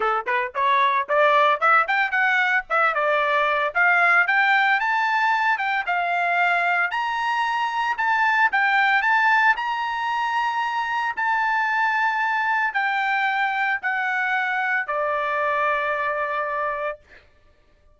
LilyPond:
\new Staff \with { instrumentName = "trumpet" } { \time 4/4 \tempo 4 = 113 a'8 b'8 cis''4 d''4 e''8 g''8 | fis''4 e''8 d''4. f''4 | g''4 a''4. g''8 f''4~ | f''4 ais''2 a''4 |
g''4 a''4 ais''2~ | ais''4 a''2. | g''2 fis''2 | d''1 | }